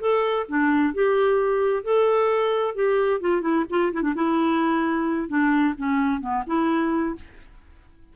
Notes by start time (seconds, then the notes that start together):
0.00 A4
0.48 D4
0.94 G4
1.83 A4
2.75 G4
3.20 F4
3.41 E4
3.69 F4
3.93 E4
4.02 D4
4.15 E4
5.28 D4
5.77 C#4
6.20 B3
6.46 E4